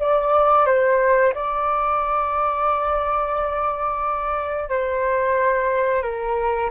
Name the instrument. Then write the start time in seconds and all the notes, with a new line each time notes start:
flute
0.00 D5
0.67 C5
1.35 D5
4.69 C5
6.03 A#4